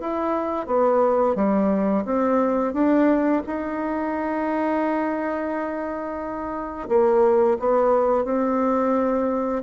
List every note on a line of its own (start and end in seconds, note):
0.00 0.66 E4
0.66 1.35 B3
1.35 2.04 G3
2.05 2.73 C4
2.73 3.42 D4
3.46 6.89 D#4
6.89 7.58 A#3
7.60 8.24 B3
8.24 9.62 C4